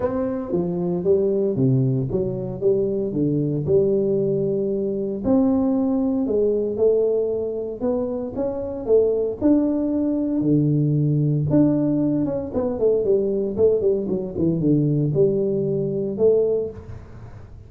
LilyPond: \new Staff \with { instrumentName = "tuba" } { \time 4/4 \tempo 4 = 115 c'4 f4 g4 c4 | fis4 g4 d4 g4~ | g2 c'2 | gis4 a2 b4 |
cis'4 a4 d'2 | d2 d'4. cis'8 | b8 a8 g4 a8 g8 fis8 e8 | d4 g2 a4 | }